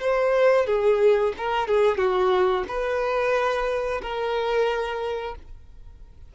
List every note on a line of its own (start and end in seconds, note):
0.00 0.66 C5
0.66 1.33 G#4
1.37 1.67 A#4
1.67 1.97 G#4
1.97 2.64 F#4
2.68 4.01 B4
4.02 5.35 A#4